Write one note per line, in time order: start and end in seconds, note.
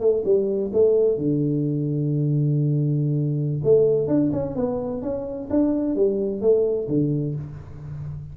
0.00 0.23 A3
0.25 0.71 G3
0.73 1.17 A3
1.17 3.62 D3
3.63 4.07 A3
4.07 4.31 D4
4.32 4.55 C#4
4.55 5.02 B3
5.02 5.48 C#4
5.50 5.95 D4
5.95 6.41 G3
6.41 6.88 A3
6.88 7.35 D3